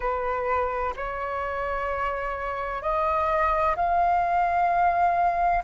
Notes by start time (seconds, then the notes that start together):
0.00 B4
0.96 C#5
2.81 D#5
3.75 F5